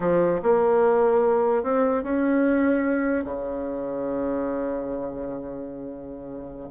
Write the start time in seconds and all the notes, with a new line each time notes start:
0.00 F3
0.42 A#3
1.63 C4
2.03 C#4
3.24 C#3